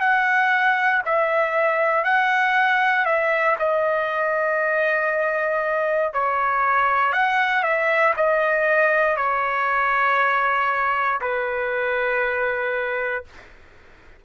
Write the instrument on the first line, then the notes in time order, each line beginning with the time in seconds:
trumpet
0.00 F#5
1.05 E5
2.04 F#5
3.05 E5
3.59 D#5
6.13 C#5
7.12 F#5
7.63 E5
8.16 D#5
9.17 C#5
11.20 B4